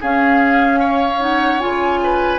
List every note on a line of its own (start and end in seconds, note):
0.00 1.19 C#4
0.00 1.62 C#4
0.00 0.79 G#4
0.00 1.22 F5
0.79 1.99 C#5
1.19 1.59 D#4
1.19 1.59 F#5
1.59 2.38 C#3
1.59 2.38 F4
1.59 2.38 G#5
2.03 2.38 B4